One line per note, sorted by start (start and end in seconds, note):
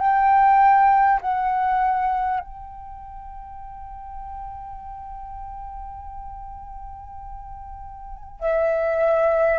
0.00 1.20 G5
1.21 2.39 F#5
2.39 8.39 G5
8.40 9.59 E5